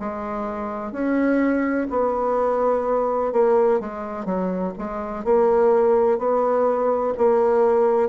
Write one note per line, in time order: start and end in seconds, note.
0.00 0.92 G#3
0.92 1.87 C#4
1.90 3.32 B3
3.32 3.80 A#3
3.81 4.26 G#3
4.26 4.73 F#3
4.78 5.25 G#3
5.25 6.19 A#3
6.19 7.14 B3
7.18 8.10 A#3